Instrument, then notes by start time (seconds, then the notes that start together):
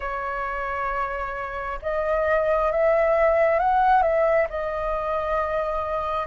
flute
0.00 C#5
1.82 D#5
2.71 E5
3.59 F#5
4.02 E5
4.49 D#5